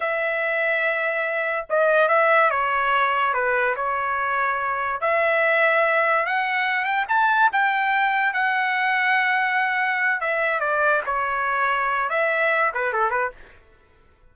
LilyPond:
\new Staff \with { instrumentName = "trumpet" } { \time 4/4 \tempo 4 = 144 e''1 | dis''4 e''4 cis''2 | b'4 cis''2. | e''2. fis''4~ |
fis''8 g''8 a''4 g''2 | fis''1~ | fis''8 e''4 d''4 cis''4.~ | cis''4 e''4. b'8 a'8 b'8 | }